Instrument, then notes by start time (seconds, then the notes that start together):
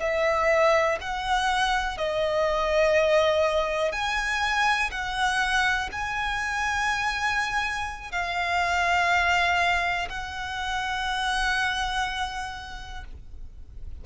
violin
0.00 E5
1.01 F#5
1.98 D#5
3.92 G#5
4.91 F#5
5.92 G#5
8.12 F5
10.10 F#5